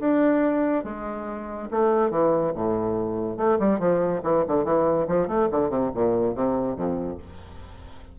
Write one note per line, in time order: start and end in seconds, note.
0.00 0.84 D4
0.84 1.69 G#3
1.71 2.10 A3
2.10 2.53 E3
2.55 3.37 A2
3.37 3.58 A3
3.59 3.79 G3
3.79 4.21 F3
4.23 4.44 E3
4.48 4.65 D3
4.65 5.07 E3
5.08 5.28 F3
5.28 5.49 A3
5.51 5.69 D3
5.69 5.91 C3
5.94 6.35 A#2
6.35 6.76 C3
6.76 7.18 F2